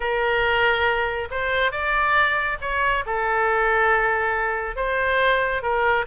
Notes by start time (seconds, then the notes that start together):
0.00 A#4
1.30 C5
1.71 D5
2.61 C#5
3.05 A4
4.76 C5
5.62 A#4